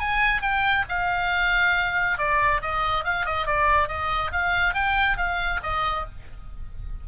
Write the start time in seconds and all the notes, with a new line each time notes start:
0.00 G#5
0.42 G5
0.89 F5
2.18 D5
2.62 D#5
3.05 F5
3.26 D#5
3.47 D5
3.88 D#5
4.32 F5
4.74 G5
5.17 F5
5.63 D#5